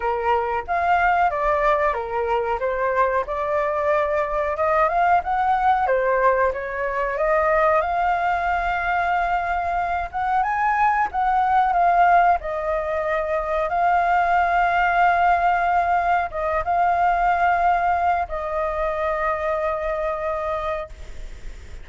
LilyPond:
\new Staff \with { instrumentName = "flute" } { \time 4/4 \tempo 4 = 92 ais'4 f''4 d''4 ais'4 | c''4 d''2 dis''8 f''8 | fis''4 c''4 cis''4 dis''4 | f''2.~ f''8 fis''8 |
gis''4 fis''4 f''4 dis''4~ | dis''4 f''2.~ | f''4 dis''8 f''2~ f''8 | dis''1 | }